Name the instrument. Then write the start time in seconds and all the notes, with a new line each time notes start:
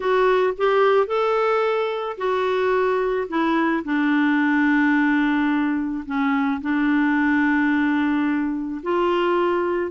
clarinet
0.00 F#4
0.57 G4
1.06 A4
2.17 F#4
3.28 E4
3.84 D4
6.06 C#4
6.61 D4
8.82 F4